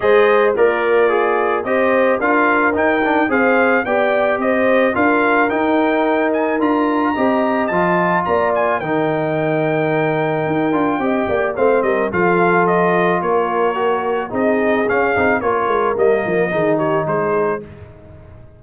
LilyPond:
<<
  \new Staff \with { instrumentName = "trumpet" } { \time 4/4 \tempo 4 = 109 dis''4 d''2 dis''4 | f''4 g''4 f''4 g''4 | dis''4 f''4 g''4. gis''8 | ais''2 a''4 ais''8 gis''8 |
g''1~ | g''4 f''8 dis''8 f''4 dis''4 | cis''2 dis''4 f''4 | cis''4 dis''4. cis''8 c''4 | }
  \new Staff \with { instrumentName = "horn" } { \time 4/4 c''4 f'2 c''4 | ais'2 c''4 d''4 | c''4 ais'2.~ | ais'4 dis''2 d''4 |
ais'1 | dis''8 d''8 c''8 ais'8 a'2 | ais'2 gis'2 | ais'2 gis'8 g'8 gis'4 | }
  \new Staff \with { instrumentName = "trombone" } { \time 4/4 gis'4 ais'4 gis'4 g'4 | f'4 dis'8 d'8 gis'4 g'4~ | g'4 f'4 dis'2 | f'4 g'4 f'2 |
dis'2.~ dis'8 f'8 | g'4 c'4 f'2~ | f'4 fis'4 dis'4 cis'8 dis'8 | f'4 ais4 dis'2 | }
  \new Staff \with { instrumentName = "tuba" } { \time 4/4 gis4 ais2 c'4 | d'4 dis'4 c'4 b4 | c'4 d'4 dis'2 | d'4 c'4 f4 ais4 |
dis2. dis'8 d'8 | c'8 ais8 a8 g8 f2 | ais2 c'4 cis'8 c'8 | ais8 gis8 g8 f8 dis4 gis4 | }
>>